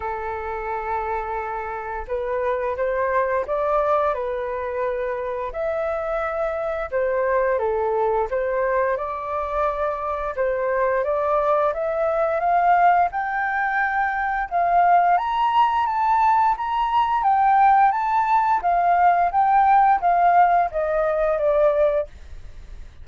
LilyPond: \new Staff \with { instrumentName = "flute" } { \time 4/4 \tempo 4 = 87 a'2. b'4 | c''4 d''4 b'2 | e''2 c''4 a'4 | c''4 d''2 c''4 |
d''4 e''4 f''4 g''4~ | g''4 f''4 ais''4 a''4 | ais''4 g''4 a''4 f''4 | g''4 f''4 dis''4 d''4 | }